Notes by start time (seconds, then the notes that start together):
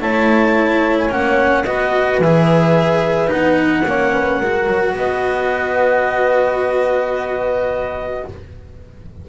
0.00 A3 E4 C#5 A5
0.98 G#5
1.09 A#3 C#4 F#5
1.64 B3 F#4 B4 D#5
2.18 E3 G#4 E5
3.27 B3 D#4 F#5
3.84 A#3 C#4 C#5
4.13 B4
4.39 G#3 F#4 A#4
4.66 F#3
4.93 B3 B4 D#5